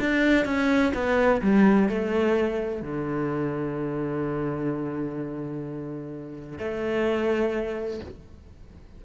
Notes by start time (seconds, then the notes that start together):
0.00 D4
0.45 C#4
0.94 B3
1.42 G3
1.89 A3
2.82 D3
6.58 A3